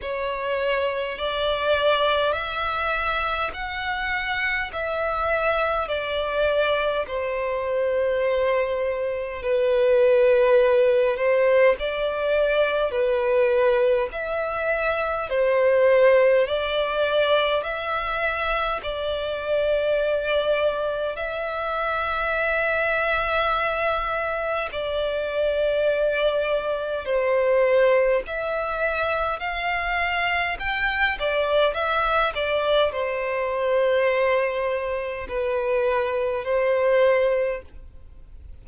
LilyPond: \new Staff \with { instrumentName = "violin" } { \time 4/4 \tempo 4 = 51 cis''4 d''4 e''4 fis''4 | e''4 d''4 c''2 | b'4. c''8 d''4 b'4 | e''4 c''4 d''4 e''4 |
d''2 e''2~ | e''4 d''2 c''4 | e''4 f''4 g''8 d''8 e''8 d''8 | c''2 b'4 c''4 | }